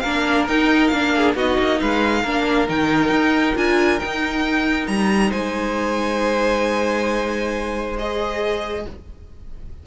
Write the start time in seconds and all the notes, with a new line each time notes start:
0.00 A#3 D4 A#4 F5
0.48 D#4 G5
0.88 A#3 D4 F5
1.16 G#4
1.35 B3 D#4 F#4 D#5
1.59 A#3
1.80 G#3 B4 F5
2.22 A#3 D4 A#4
2.68 D#3 D#4 G5
3.11 D#4
3.56 D4 F4 G#5
4.00 D#4 G5
4.88 G3 A#5
5.30 G#3 C5 G#5
7.98 G#4 D#5